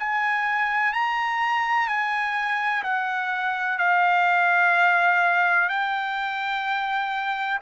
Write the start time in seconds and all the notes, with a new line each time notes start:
0.00 G#5
0.94 A#5
1.88 G#5
2.84 F#5
3.79 F5
5.69 G5